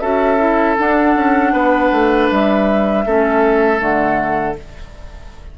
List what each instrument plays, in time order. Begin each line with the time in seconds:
0.00 bassoon C#4, clarinet F#4, oboe A4, flute E5
0.38 clarinet E4
0.78 clarinet D4, bassoon D4, flute F#5
1.16 bassoon C#4
1.53 bassoon B3, oboe B4
1.92 bassoon A3
2.30 bassoon G3, flute E5
3.06 bassoon A3, clarinet C#4, oboe A4
3.79 bassoon D3, clarinet A3, flute F#5